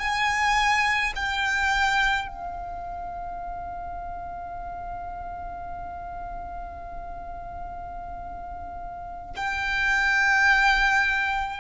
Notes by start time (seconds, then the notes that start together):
0.00 G#5
1.16 G5
2.28 F5
9.37 G5